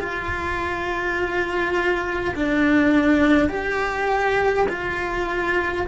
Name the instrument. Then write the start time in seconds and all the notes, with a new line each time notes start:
cello
0.00 F4
2.35 D4
3.49 G4
4.70 F4